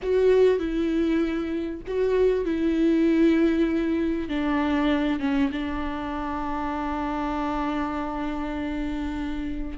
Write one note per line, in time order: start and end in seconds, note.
0.02 0.59 F#4
0.59 1.81 E4
1.87 2.45 F#4
2.45 4.29 E4
4.29 5.19 D4
5.19 5.50 C#4
5.52 9.77 D4